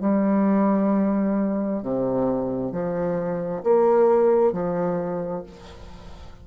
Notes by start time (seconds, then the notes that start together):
0.00 G3
1.82 C3
2.71 F3
3.63 A#3
4.52 F3